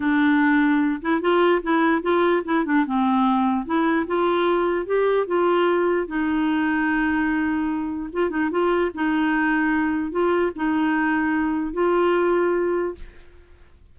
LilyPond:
\new Staff \with { instrumentName = "clarinet" } { \time 4/4 \tempo 4 = 148 d'2~ d'8 e'8 f'4 | e'4 f'4 e'8 d'8 c'4~ | c'4 e'4 f'2 | g'4 f'2 dis'4~ |
dis'1 | f'8 dis'8 f'4 dis'2~ | dis'4 f'4 dis'2~ | dis'4 f'2. | }